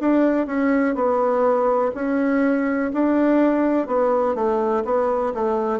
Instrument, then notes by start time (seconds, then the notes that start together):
bassoon
0.00 D4
0.46 C#4
0.95 B3
1.94 C#4
2.93 D4
3.87 B3
4.35 A3
4.85 B3
5.34 A3